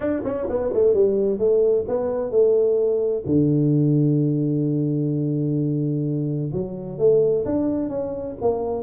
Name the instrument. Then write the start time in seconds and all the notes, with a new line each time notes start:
tuba
0.00 D4
0.24 C#4
0.49 B3
0.73 A3
0.93 G3
1.38 A3
1.88 B3
2.30 A3
3.26 D3
6.52 F#3
6.98 A3
7.45 D4
7.89 C#4
8.41 A#3